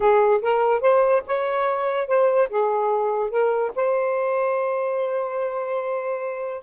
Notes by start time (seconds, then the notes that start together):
0.00 G#4
0.41 A#4
0.81 C5
1.26 C#5
2.07 C5
2.49 G#4
3.30 A#4
3.75 C5